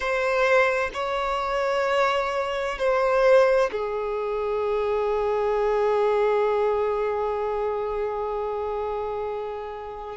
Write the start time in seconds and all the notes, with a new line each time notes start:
0.00 C5
0.93 C#5
2.78 C5
3.71 G#4